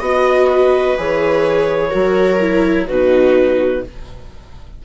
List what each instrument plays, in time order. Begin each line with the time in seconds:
0.00 bassoon B3, viola F#4 D#5, clarinet D#5
0.49 viola B4
0.98 bassoon E3, viola G#4, clarinet C#5
1.90 bassoon F#3, viola F#4 A#4
2.40 viola E4
2.87 bassoon B2, viola D#4 F#4, clarinet B4